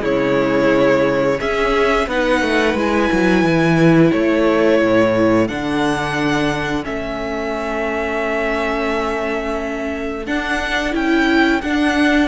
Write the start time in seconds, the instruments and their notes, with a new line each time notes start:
0.00 cello C#3, viola G#3, violin E4 C#5
1.38 viola C#4, cello C#4, violin G#4 E5
2.07 cello B3, viola D#4, violin B4 F#5
2.41 cello A3
2.74 cello G#3, viola E4, violin G#5
3.12 cello F#3
3.43 cello E3
4.11 cello A3, violin A4 C#5
4.82 cello A2
5.48 cello D3, viola D4, violin F#5
6.83 cello A3, viola C#4, violin E5
10.26 viola D4, cello D4, violin F#5
10.91 cello C#4, viola E4, violin G5
11.61 cello D4, viola D4, violin F#5